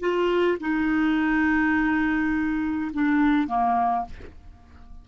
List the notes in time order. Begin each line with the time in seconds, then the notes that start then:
0.00 F4
0.61 D#4
2.93 D4
3.47 A#3